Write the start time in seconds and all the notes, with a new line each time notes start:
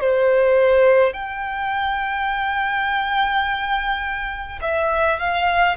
0.00 C5
1.13 G5
4.61 E5
5.19 F5